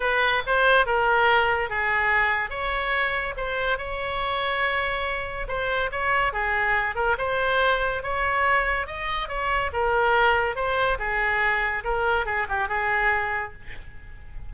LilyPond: \new Staff \with { instrumentName = "oboe" } { \time 4/4 \tempo 4 = 142 b'4 c''4 ais'2 | gis'2 cis''2 | c''4 cis''2.~ | cis''4 c''4 cis''4 gis'4~ |
gis'8 ais'8 c''2 cis''4~ | cis''4 dis''4 cis''4 ais'4~ | ais'4 c''4 gis'2 | ais'4 gis'8 g'8 gis'2 | }